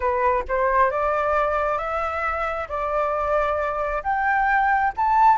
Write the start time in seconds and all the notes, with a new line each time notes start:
0.00 B4
0.48 C5
0.90 D5
1.77 E5
2.68 D5
4.03 G5
4.96 A5